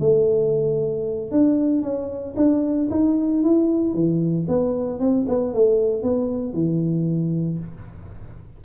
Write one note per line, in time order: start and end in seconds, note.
0.00 1.32 A3
1.32 1.83 D4
1.83 2.35 C#4
2.37 2.89 D4
2.91 3.44 D#4
3.44 3.94 E4
3.94 4.47 E3
4.49 5.00 B3
5.00 5.27 C4
5.29 5.54 B3
5.54 6.04 A3
6.04 6.54 B3
6.54 7.59 E3